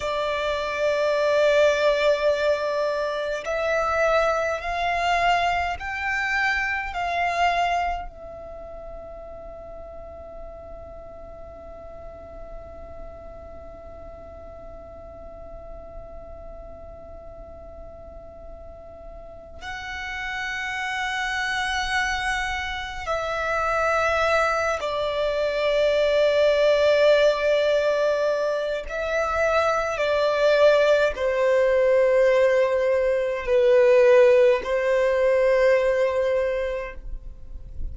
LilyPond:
\new Staff \with { instrumentName = "violin" } { \time 4/4 \tempo 4 = 52 d''2. e''4 | f''4 g''4 f''4 e''4~ | e''1~ | e''1~ |
e''4 fis''2. | e''4. d''2~ d''8~ | d''4 e''4 d''4 c''4~ | c''4 b'4 c''2 | }